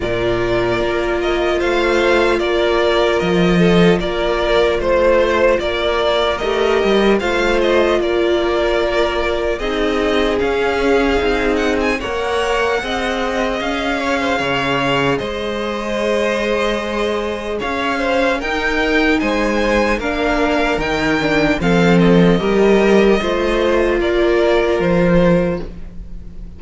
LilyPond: <<
  \new Staff \with { instrumentName = "violin" } { \time 4/4 \tempo 4 = 75 d''4. dis''8 f''4 d''4 | dis''4 d''4 c''4 d''4 | dis''4 f''8 dis''8 d''2 | dis''4 f''4. fis''16 gis''16 fis''4~ |
fis''4 f''2 dis''4~ | dis''2 f''4 g''4 | gis''4 f''4 g''4 f''8 dis''8~ | dis''2 d''4 c''4 | }
  \new Staff \with { instrumentName = "violin" } { \time 4/4 ais'2 c''4 ais'4~ | ais'8 a'8 ais'4 c''4 ais'4~ | ais'4 c''4 ais'2 | gis'2. cis''4 |
dis''4. cis''16 c''16 cis''4 c''4~ | c''2 cis''8 c''8 ais'4 | c''4 ais'2 a'4 | ais'4 c''4 ais'2 | }
  \new Staff \with { instrumentName = "viola" } { \time 4/4 f'1~ | f'1 | g'4 f'2. | dis'4 cis'4 dis'4 ais'4 |
gis'1~ | gis'2. dis'4~ | dis'4 d'4 dis'8 d'8 c'4 | g'4 f'2. | }
  \new Staff \with { instrumentName = "cello" } { \time 4/4 ais,4 ais4 a4 ais4 | f4 ais4 a4 ais4 | a8 g8 a4 ais2 | c'4 cis'4 c'4 ais4 |
c'4 cis'4 cis4 gis4~ | gis2 cis'4 dis'4 | gis4 ais4 dis4 f4 | g4 a4 ais4 f4 | }
>>